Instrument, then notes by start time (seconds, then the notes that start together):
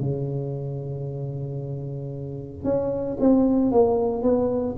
tuba
0.00 C#3
2.64 C#4
3.20 C4
3.71 A#3
4.22 B3